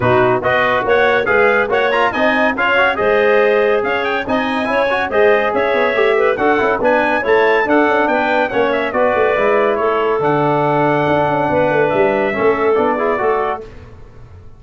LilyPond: <<
  \new Staff \with { instrumentName = "trumpet" } { \time 4/4 \tempo 4 = 141 b'4 dis''4 fis''4 f''4 | fis''8 ais''8 gis''4 f''4 dis''4~ | dis''4 f''8 g''8 gis''2 | dis''4 e''2 fis''4 |
gis''4 a''4 fis''4 g''4 | fis''8 e''8 d''2 cis''4 | fis''1 | e''2 d''2 | }
  \new Staff \with { instrumentName = "clarinet" } { \time 4/4 fis'4 b'4 cis''4 b'4 | cis''4 dis''4 cis''4 c''4~ | c''4 cis''4 dis''4 cis''4 | c''4 cis''4. b'8 a'4 |
b'4 cis''4 a'4 b'4 | cis''4 b'2 a'4~ | a'2. b'4~ | b'4 a'4. gis'8 a'4 | }
  \new Staff \with { instrumentName = "trombone" } { \time 4/4 dis'4 fis'2 gis'4 | fis'8 f'8 dis'4 f'8 fis'8 gis'4~ | gis'2 dis'4 e'8 fis'8 | gis'2 g'4 fis'8 e'8 |
d'4 e'4 d'2 | cis'4 fis'4 e'2 | d'1~ | d'4 cis'4 d'8 e'8 fis'4 | }
  \new Staff \with { instrumentName = "tuba" } { \time 4/4 b,4 b4 ais4 gis4 | ais4 c'4 cis'4 gis4~ | gis4 cis'4 c'4 cis'4 | gis4 cis'8 b8 a4 d'8 cis'8 |
b4 a4 d'8 cis'8 b4 | ais4 b8 a8 gis4 a4 | d2 d'8 cis'8 b8 a8 | g4 a4 b4 a4 | }
>>